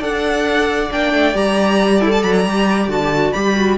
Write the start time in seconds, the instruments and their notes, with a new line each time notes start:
0.00 cello D4, viola A4, violin D5 F#5
0.91 cello A#3, viola D4, violin G5
1.13 cello A3
1.34 cello G3, viola G4, violin A#5
2.01 violin E4, viola A4
2.12 violin A5
2.23 cello F#3, violin B5
2.33 violin A#5
2.45 cello G3, viola G4
2.88 cello D3, viola F#4, violin A5
3.04 viola G4
3.13 viola F#4
3.33 cello G3, viola G4, violin B5
3.56 viola F#4